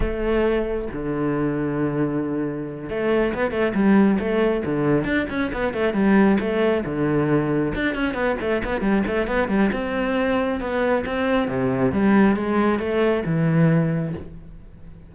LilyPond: \new Staff \with { instrumentName = "cello" } { \time 4/4 \tempo 4 = 136 a2 d2~ | d2~ d8 a4 b8 | a8 g4 a4 d4 d'8 | cis'8 b8 a8 g4 a4 d8~ |
d4. d'8 cis'8 b8 a8 b8 | g8 a8 b8 g8 c'2 | b4 c'4 c4 g4 | gis4 a4 e2 | }